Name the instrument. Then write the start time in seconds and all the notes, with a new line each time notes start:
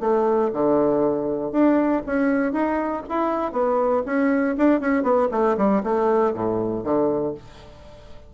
bassoon
0.00 A3
0.52 D3
1.51 D4
2.06 C#4
2.52 D#4
3.08 E4
3.52 B3
4.05 C#4
4.57 D4
4.80 C#4
5.03 B3
5.31 A3
5.57 G3
5.83 A3
6.33 A2
6.83 D3